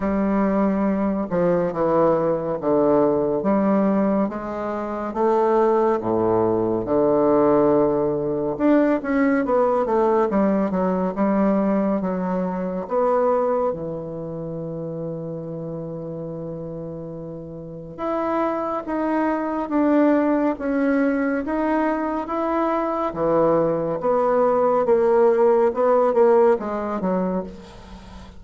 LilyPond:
\new Staff \with { instrumentName = "bassoon" } { \time 4/4 \tempo 4 = 70 g4. f8 e4 d4 | g4 gis4 a4 a,4 | d2 d'8 cis'8 b8 a8 | g8 fis8 g4 fis4 b4 |
e1~ | e4 e'4 dis'4 d'4 | cis'4 dis'4 e'4 e4 | b4 ais4 b8 ais8 gis8 fis8 | }